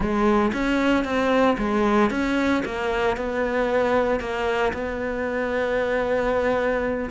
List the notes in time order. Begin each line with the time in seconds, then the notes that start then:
0.00 G#3
0.53 C#4
1.04 C4
1.57 G#3
2.10 C#4
2.65 A#3
3.17 B3
4.19 A#3
4.73 B3